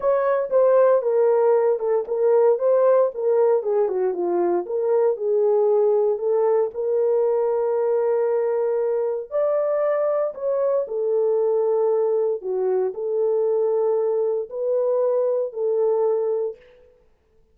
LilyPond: \new Staff \with { instrumentName = "horn" } { \time 4/4 \tempo 4 = 116 cis''4 c''4 ais'4. a'8 | ais'4 c''4 ais'4 gis'8 fis'8 | f'4 ais'4 gis'2 | a'4 ais'2.~ |
ais'2 d''2 | cis''4 a'2. | fis'4 a'2. | b'2 a'2 | }